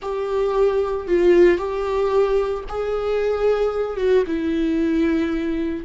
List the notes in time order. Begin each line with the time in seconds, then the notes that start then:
0.02 G4
1.07 F4
1.58 G4
2.68 G#4
3.97 F#4
4.26 E4